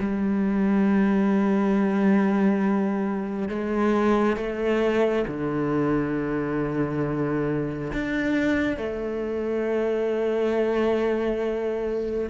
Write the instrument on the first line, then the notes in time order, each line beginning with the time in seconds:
cello
0.00 G3
3.49 G#3
4.37 A3
5.27 D3
7.93 D4
8.77 A3